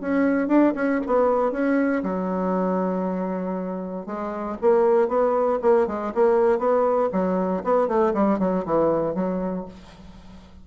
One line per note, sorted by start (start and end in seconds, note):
0.00 0.48 C#4
0.48 0.73 D4
0.75 1.00 C#4
1.06 1.51 B3
1.51 2.02 C#4
2.02 4.06 F#3
4.06 4.56 G#3
4.61 5.08 A#3
5.08 5.59 B3
5.62 5.87 A#3
5.87 6.12 G#3
6.14 6.58 A#3
6.58 7.09 B3
7.12 7.63 F#3
7.64 7.87 B3
7.87 8.13 A3
8.13 8.39 G3
8.39 8.64 F#3
8.65 9.14 E3
9.14 9.65 F#3